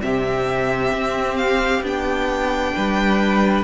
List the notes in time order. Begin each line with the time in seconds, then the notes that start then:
0.00 C3 C4 G4 E5
0.92 C4
1.36 F5
1.81 B3 D4 G5
2.75 G3 B4